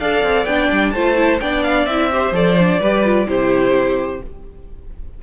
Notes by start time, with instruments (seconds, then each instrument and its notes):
0.00 cello D4, viola A4, violin D5 F5
0.23 cello C4
0.45 cello B3, viola D4, violin G5
0.71 cello G3
0.91 cello A3, viola F4, violin C5 A5
1.16 viola E4
1.40 cello B3, viola D4, violin D5 G5
1.63 violin F5
1.86 cello C4, viola E4, violin E5
2.11 viola G4, violin C5
2.32 cello F3, viola A4, violin D5
2.59 viola D4
2.80 cello G3, viola G4, violin B4
3.05 viola F4
3.26 cello C3, viola E4, violin G4 C5